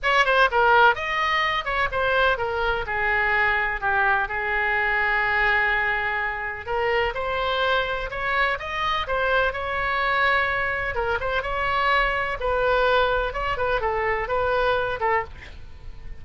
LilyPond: \new Staff \with { instrumentName = "oboe" } { \time 4/4 \tempo 4 = 126 cis''8 c''8 ais'4 dis''4. cis''8 | c''4 ais'4 gis'2 | g'4 gis'2.~ | gis'2 ais'4 c''4~ |
c''4 cis''4 dis''4 c''4 | cis''2. ais'8 c''8 | cis''2 b'2 | cis''8 b'8 a'4 b'4. a'8 | }